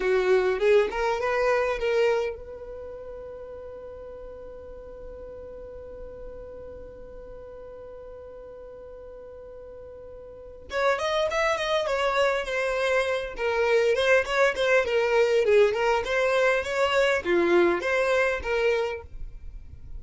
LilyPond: \new Staff \with { instrumentName = "violin" } { \time 4/4 \tempo 4 = 101 fis'4 gis'8 ais'8 b'4 ais'4 | b'1~ | b'1~ | b'1~ |
b'2 cis''8 dis''8 e''8 dis''8 | cis''4 c''4. ais'4 c''8 | cis''8 c''8 ais'4 gis'8 ais'8 c''4 | cis''4 f'4 c''4 ais'4 | }